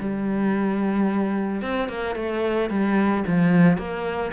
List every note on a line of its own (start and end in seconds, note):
0.00 1.62 G3
1.62 1.88 C4
1.88 2.15 A#3
2.16 2.70 A3
2.70 3.24 G3
3.27 3.78 F3
3.78 4.32 A#3